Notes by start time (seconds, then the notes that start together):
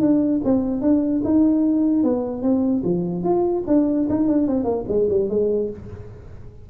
0.00 D4
0.44 C4
0.81 D4
1.24 D#4
2.03 B3
2.42 C4
2.83 F3
3.23 F4
3.67 D4
4.09 D#4
4.28 D4
4.47 C4
4.64 A#3
4.88 G#3
5.10 G3
5.29 G#3